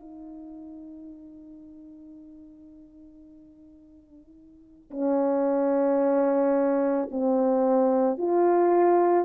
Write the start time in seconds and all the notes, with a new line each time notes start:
0.00 D#4
4.91 C#4
7.11 C4
8.18 F4